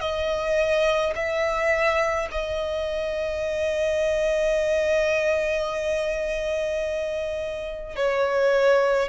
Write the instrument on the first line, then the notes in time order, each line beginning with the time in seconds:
violin
0.00 D#5
1.15 E5
2.31 D#5
7.96 C#5